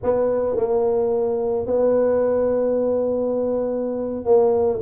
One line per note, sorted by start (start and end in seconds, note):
0.03 0.56 B3
0.56 1.66 A#3
1.66 4.24 B3
4.24 4.79 A#3